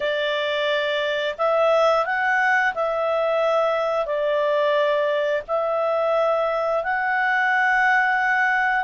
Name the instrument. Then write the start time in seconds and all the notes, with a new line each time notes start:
clarinet
0.00 D5
1.38 E5
2.05 F#5
2.74 E5
4.06 D5
5.47 E5
6.83 F#5